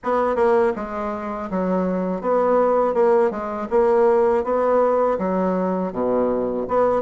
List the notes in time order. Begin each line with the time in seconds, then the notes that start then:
0.03 B3
0.35 A#3
0.75 G#3
1.50 F#3
2.21 B3
2.94 A#3
3.30 G#3
3.70 A#3
4.44 B3
5.18 F#3
5.92 B2
6.68 B3